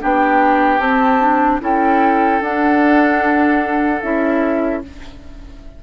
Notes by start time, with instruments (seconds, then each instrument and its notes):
0.00 bassoon B3, clarinet D4, oboe G4, flute G5
0.79 bassoon C4, clarinet C4, flute A5
1.21 clarinet D4
1.61 bassoon C#4, clarinet E4, oboe A4, flute G5
2.41 bassoon D4, clarinet D4, flute F#5
4.01 bassoon C#4, clarinet E4, flute E5